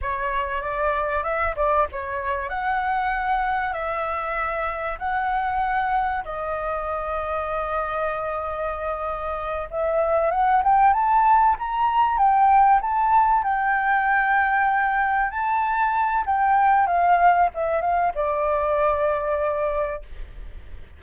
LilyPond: \new Staff \with { instrumentName = "flute" } { \time 4/4 \tempo 4 = 96 cis''4 d''4 e''8 d''8 cis''4 | fis''2 e''2 | fis''2 dis''2~ | dis''2.~ dis''8 e''8~ |
e''8 fis''8 g''8 a''4 ais''4 g''8~ | g''8 a''4 g''2~ g''8~ | g''8 a''4. g''4 f''4 | e''8 f''8 d''2. | }